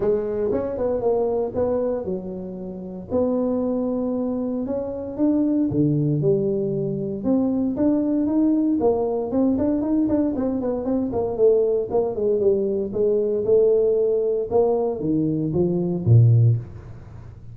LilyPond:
\new Staff \with { instrumentName = "tuba" } { \time 4/4 \tempo 4 = 116 gis4 cis'8 b8 ais4 b4 | fis2 b2~ | b4 cis'4 d'4 d4 | g2 c'4 d'4 |
dis'4 ais4 c'8 d'8 dis'8 d'8 | c'8 b8 c'8 ais8 a4 ais8 gis8 | g4 gis4 a2 | ais4 dis4 f4 ais,4 | }